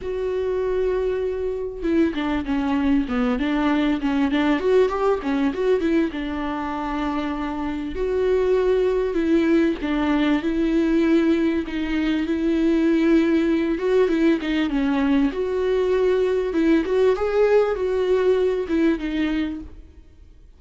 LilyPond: \new Staff \with { instrumentName = "viola" } { \time 4/4 \tempo 4 = 98 fis'2. e'8 d'8 | cis'4 b8 d'4 cis'8 d'8 fis'8 | g'8 cis'8 fis'8 e'8 d'2~ | d'4 fis'2 e'4 |
d'4 e'2 dis'4 | e'2~ e'8 fis'8 e'8 dis'8 | cis'4 fis'2 e'8 fis'8 | gis'4 fis'4. e'8 dis'4 | }